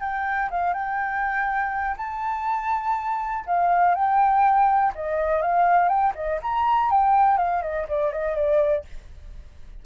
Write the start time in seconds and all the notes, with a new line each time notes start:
0.00 G5
0.51 F5
0.74 G5
1.97 A5
3.46 F5
3.95 G5
4.95 D#5
5.42 F5
5.89 G5
6.15 D#5
6.42 A#5
6.91 G5
7.38 F5
7.62 D#5
7.88 D5
8.12 D#5
8.36 D5